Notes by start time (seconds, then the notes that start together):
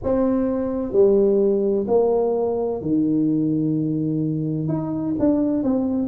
0.03 C4
0.92 G3
1.87 A#3
2.81 D#3
4.67 D#4
5.19 D4
5.62 C4